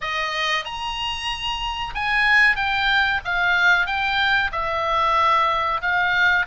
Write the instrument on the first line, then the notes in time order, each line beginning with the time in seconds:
oboe
0.01 D#5
0.64 A#5
1.94 G#5
2.55 G5
3.25 F5
3.86 G5
4.52 E5
5.81 F5